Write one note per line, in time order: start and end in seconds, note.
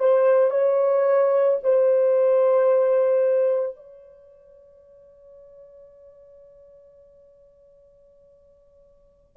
0.00 0.51 C5
0.51 1.58 C#5
1.64 3.76 C5
3.76 9.37 C#5